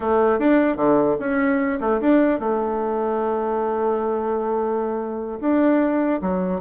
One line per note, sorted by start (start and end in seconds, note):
0.00 0.39 A3
0.39 0.76 D4
0.76 1.16 D3
1.19 1.79 C#4
1.80 2.00 A3
2.00 2.39 D4
2.39 5.39 A3
5.40 6.20 D4
6.21 6.61 F#3